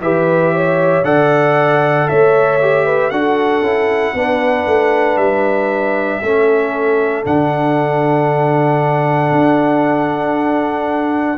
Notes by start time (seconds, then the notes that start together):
0.00 E3 G4 B4 E5
0.53 C#5
1.04 D3 A4 D5 F#5
2.08 A3 C#5 E5
2.61 G4
2.85 B4
3.10 D4 F#4 A4 F#5
3.61 C#4 E4
4.14 B3 D4 B4
4.66 A3
5.17 G3 E5
6.22 A3 C#4 A4
7.24 D3 D4 F#5
9.31 D4